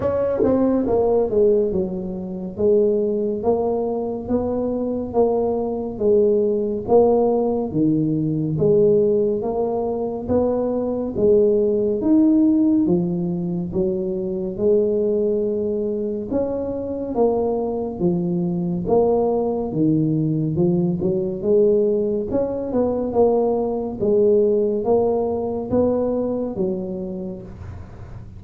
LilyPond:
\new Staff \with { instrumentName = "tuba" } { \time 4/4 \tempo 4 = 70 cis'8 c'8 ais8 gis8 fis4 gis4 | ais4 b4 ais4 gis4 | ais4 dis4 gis4 ais4 | b4 gis4 dis'4 f4 |
fis4 gis2 cis'4 | ais4 f4 ais4 dis4 | f8 fis8 gis4 cis'8 b8 ais4 | gis4 ais4 b4 fis4 | }